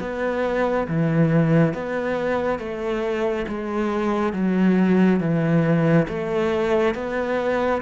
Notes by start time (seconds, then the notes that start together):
0.00 B3
0.87 E3
1.74 B3
2.59 A3
3.48 G#3
4.33 F#3
5.20 E3
6.08 A3
6.94 B3